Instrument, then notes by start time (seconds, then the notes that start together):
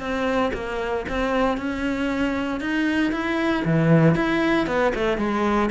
cello
0.00 C4
0.54 A#3
1.09 C4
1.57 C#4
2.61 D#4
3.12 E4
3.65 E3
4.15 E4
4.67 B3
4.95 A3
5.18 G#3